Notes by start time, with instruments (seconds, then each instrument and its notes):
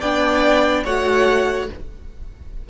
0.00 cello B3, viola D4, violin D5 G5
0.84 cello A3, viola F#4, violin C#5 F#5